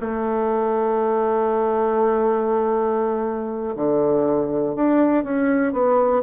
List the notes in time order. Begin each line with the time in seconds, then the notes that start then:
0.00 A3
3.75 D3
4.75 D4
5.24 C#4
5.72 B3